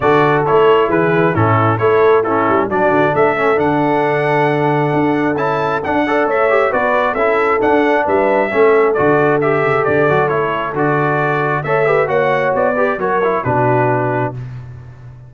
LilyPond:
<<
  \new Staff \with { instrumentName = "trumpet" } { \time 4/4 \tempo 4 = 134 d''4 cis''4 b'4 a'4 | cis''4 a'4 d''4 e''4 | fis''1 | a''4 fis''4 e''4 d''4 |
e''4 fis''4 e''2 | d''4 e''4 d''4 cis''4 | d''2 e''4 fis''4 | d''4 cis''4 b'2 | }
  \new Staff \with { instrumentName = "horn" } { \time 4/4 a'2 gis'4 e'4 | a'4 e'4 fis'4 a'4~ | a'1~ | a'4. d''8 cis''4 b'4 |
a'2 b'4 a'4~ | a'1~ | a'2 cis''8 b'8 cis''4~ | cis''8 b'8 ais'4 fis'2 | }
  \new Staff \with { instrumentName = "trombone" } { \time 4/4 fis'4 e'2 cis'4 | e'4 cis'4 d'4. cis'8 | d'1 | e'4 d'8 a'4 g'8 fis'4 |
e'4 d'2 cis'4 | fis'4 g'4. fis'8 e'4 | fis'2 a'8 g'8 fis'4~ | fis'8 g'8 fis'8 e'8 d'2 | }
  \new Staff \with { instrumentName = "tuba" } { \time 4/4 d4 a4 e4 a,4 | a4. g8 fis8 d8 a4 | d2. d'4 | cis'4 d'4 a4 b4 |
cis'4 d'4 g4 a4 | d4. cis8 d8 fis8 a4 | d2 a4 ais4 | b4 fis4 b,2 | }
>>